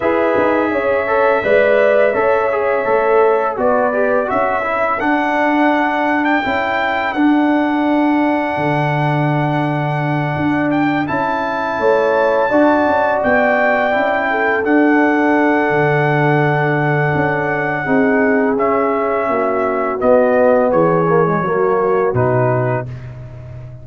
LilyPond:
<<
  \new Staff \with { instrumentName = "trumpet" } { \time 4/4 \tempo 4 = 84 e''1~ | e''4 d''4 e''4 fis''4~ | fis''8. g''4~ g''16 fis''2~ | fis''2. g''8 a''8~ |
a''2~ a''8 g''4.~ | g''8 fis''2.~ fis''8~ | fis''2 e''2 | dis''4 cis''2 b'4 | }
  \new Staff \with { instrumentName = "horn" } { \time 4/4 b'4 cis''4 d''4 cis''4~ | cis''4 b'4 a'2~ | a'1~ | a'1~ |
a'8 cis''4 d''2~ d''8 | a'1~ | a'4 gis'2 fis'4~ | fis'4 gis'4 fis'2 | }
  \new Staff \with { instrumentName = "trombone" } { \time 4/4 gis'4. a'8 b'4 a'8 gis'8 | a'4 fis'8 g'8 fis'8 e'8 d'4~ | d'4 e'4 d'2~ | d'2.~ d'8 e'8~ |
e'4. fis'2 e'8~ | e'8 d'2.~ d'8~ | d'4 dis'4 cis'2 | b4. ais16 gis16 ais4 dis'4 | }
  \new Staff \with { instrumentName = "tuba" } { \time 4/4 e'8 dis'8 cis'4 gis4 cis'4 | a4 b4 cis'4 d'4~ | d'4 cis'4 d'2 | d2~ d8 d'4 cis'8~ |
cis'8 a4 d'8 cis'8 b4 cis'8~ | cis'8 d'4. d2 | cis'4 c'4 cis'4 ais4 | b4 e4 fis4 b,4 | }
>>